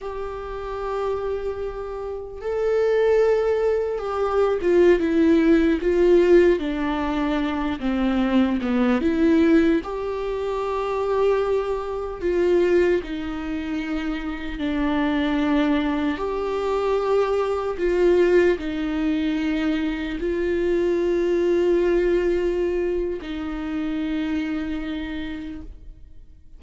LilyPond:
\new Staff \with { instrumentName = "viola" } { \time 4/4 \tempo 4 = 75 g'2. a'4~ | a'4 g'8. f'8 e'4 f'8.~ | f'16 d'4. c'4 b8 e'8.~ | e'16 g'2. f'8.~ |
f'16 dis'2 d'4.~ d'16~ | d'16 g'2 f'4 dis'8.~ | dis'4~ dis'16 f'2~ f'8.~ | f'4 dis'2. | }